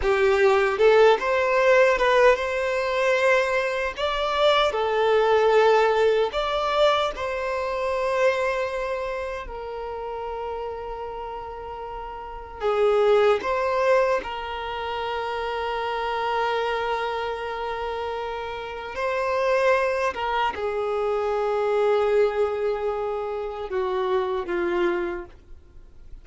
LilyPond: \new Staff \with { instrumentName = "violin" } { \time 4/4 \tempo 4 = 76 g'4 a'8 c''4 b'8 c''4~ | c''4 d''4 a'2 | d''4 c''2. | ais'1 |
gis'4 c''4 ais'2~ | ais'1 | c''4. ais'8 gis'2~ | gis'2 fis'4 f'4 | }